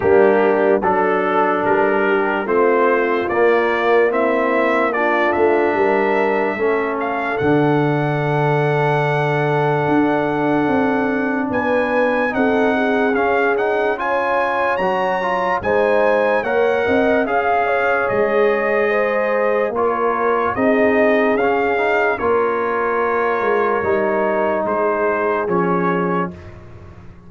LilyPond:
<<
  \new Staff \with { instrumentName = "trumpet" } { \time 4/4 \tempo 4 = 73 g'4 a'4 ais'4 c''4 | d''4 e''4 d''8 e''4.~ | e''8 f''8 fis''2.~ | fis''2 gis''4 fis''4 |
f''8 fis''8 gis''4 ais''4 gis''4 | fis''4 f''4 dis''2 | cis''4 dis''4 f''4 cis''4~ | cis''2 c''4 cis''4 | }
  \new Staff \with { instrumentName = "horn" } { \time 4/4 d'4 a'4. g'8 f'4~ | f'4 e'4 f'4 ais'4 | a'1~ | a'2 b'4 a'8 gis'8~ |
gis'4 cis''2 c''4 | cis''8 dis''8 f''8 cis''4. c''4 | ais'4 gis'2 ais'4~ | ais'2 gis'2 | }
  \new Staff \with { instrumentName = "trombone" } { \time 4/4 ais4 d'2 c'4 | ais4 c'4 d'2 | cis'4 d'2.~ | d'2. dis'4 |
cis'8 dis'8 f'4 fis'8 f'8 dis'4 | ais'4 gis'2. | f'4 dis'4 cis'8 dis'8 f'4~ | f'4 dis'2 cis'4 | }
  \new Staff \with { instrumentName = "tuba" } { \time 4/4 g4 fis4 g4 a4 | ais2~ ais8 a8 g4 | a4 d2. | d'4 c'4 b4 c'4 |
cis'2 fis4 gis4 | ais8 c'8 cis'4 gis2 | ais4 c'4 cis'4 ais4~ | ais8 gis8 g4 gis4 f4 | }
>>